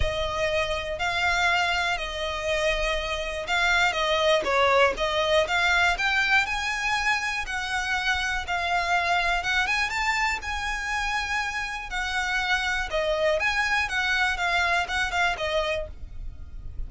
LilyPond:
\new Staff \with { instrumentName = "violin" } { \time 4/4 \tempo 4 = 121 dis''2 f''2 | dis''2. f''4 | dis''4 cis''4 dis''4 f''4 | g''4 gis''2 fis''4~ |
fis''4 f''2 fis''8 gis''8 | a''4 gis''2. | fis''2 dis''4 gis''4 | fis''4 f''4 fis''8 f''8 dis''4 | }